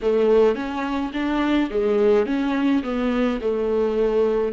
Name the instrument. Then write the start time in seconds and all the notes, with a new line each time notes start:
viola
0.02 A3
0.55 C#4
1.13 D4
1.70 G#3
2.26 C#4
2.83 B3
3.41 A3